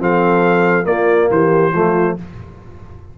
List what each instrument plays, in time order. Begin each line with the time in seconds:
0.00 tuba F3, trombone C4, horn A4, trumpet F5
0.84 trombone A#3, tuba A#3, horn F4, trumpet D5
1.31 tuba E3, horn G4, trumpet C5
1.73 tuba F3, trombone A3, horn F4